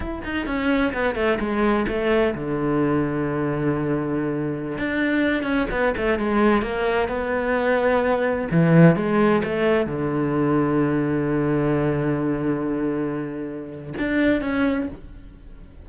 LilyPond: \new Staff \with { instrumentName = "cello" } { \time 4/4 \tempo 4 = 129 e'8 dis'8 cis'4 b8 a8 gis4 | a4 d2.~ | d2~ d16 d'4. cis'16~ | cis'16 b8 a8 gis4 ais4 b8.~ |
b2~ b16 e4 gis8.~ | gis16 a4 d2~ d8.~ | d1~ | d2 d'4 cis'4 | }